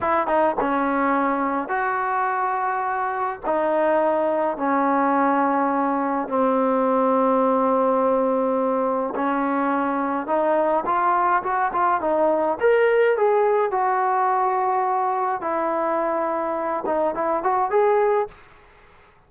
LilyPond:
\new Staff \with { instrumentName = "trombone" } { \time 4/4 \tempo 4 = 105 e'8 dis'8 cis'2 fis'4~ | fis'2 dis'2 | cis'2. c'4~ | c'1 |
cis'2 dis'4 f'4 | fis'8 f'8 dis'4 ais'4 gis'4 | fis'2. e'4~ | e'4. dis'8 e'8 fis'8 gis'4 | }